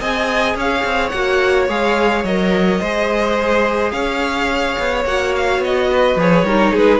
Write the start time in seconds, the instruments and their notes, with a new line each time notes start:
0.00 cello C4, viola G#4, violin D#5 G#5
0.55 cello C#4, violin C#5 F5
0.84 cello C4
1.09 cello A#3, viola F#4, violin F#5
1.68 cello G#3, viola G#4, violin F5
2.23 cello F#3, viola A#4, violin D#5
2.80 cello G#3, viola G#4, violin C5
3.91 cello C#4, violin C#5 F5
4.78 cello B3
5.05 cello A#3, viola F#4, violin F#5
5.35 violin F5
5.58 cello B3, violin D#5
5.91 violin B4
6.15 cello F3, viola G#4, violin C#5
6.43 cello G3, viola D#4, violin A#4
6.72 cello G#3, violin G#4 B4